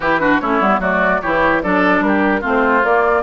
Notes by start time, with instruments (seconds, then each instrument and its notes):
0.00 bassoon E3, clarinet E4, oboe G4, flute B4
0.20 clarinet D4, oboe F#4
0.40 bassoon A3, clarinet C#4, oboe E4, flute C#5
0.60 bassoon G3, clarinet B3
0.79 bassoon F#3, clarinet A3, oboe F#4, flute D5
1.21 bassoon E3, clarinet E4, oboe G4, flute C#5
1.62 bassoon F#3, clarinet D4, oboe A4, flute D5
2.00 bassoon G3, flute A#4
2.07 oboe G4
2.40 bassoon A3, clarinet C4, oboe F4
2.48 flute C5
2.83 bassoon A#3, clarinet A#3, flute D5